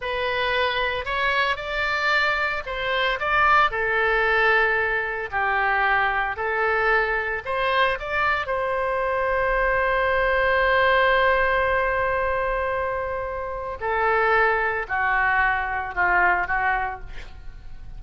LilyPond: \new Staff \with { instrumentName = "oboe" } { \time 4/4 \tempo 4 = 113 b'2 cis''4 d''4~ | d''4 c''4 d''4 a'4~ | a'2 g'2 | a'2 c''4 d''4 |
c''1~ | c''1~ | c''2 a'2 | fis'2 f'4 fis'4 | }